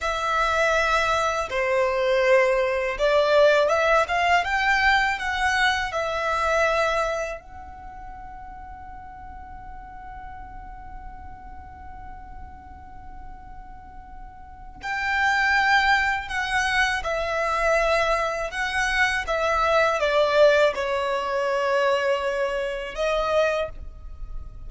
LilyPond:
\new Staff \with { instrumentName = "violin" } { \time 4/4 \tempo 4 = 81 e''2 c''2 | d''4 e''8 f''8 g''4 fis''4 | e''2 fis''2~ | fis''1~ |
fis''1 | g''2 fis''4 e''4~ | e''4 fis''4 e''4 d''4 | cis''2. dis''4 | }